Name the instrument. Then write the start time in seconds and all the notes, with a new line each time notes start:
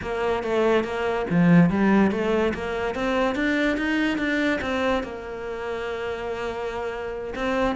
cello
0.02 A#3
0.43 A3
0.84 A#3
1.29 F3
1.69 G3
2.11 A3
2.53 A#3
2.94 C4
3.35 D4
3.77 D#4
4.18 D4
4.61 C4
5.03 A#3
7.35 C4